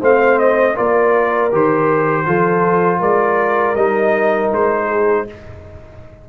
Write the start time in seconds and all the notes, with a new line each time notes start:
0.00 A3 C4 C5 F5
0.39 D#5
0.75 A#3 F4 A#4 D5
1.52 D#3 G4 C5
2.26 F3 F4 A4
3.00 G#3 A#4 D5
3.75 G3 D#4 D#5
4.52 G#3 C5
4.88 G#4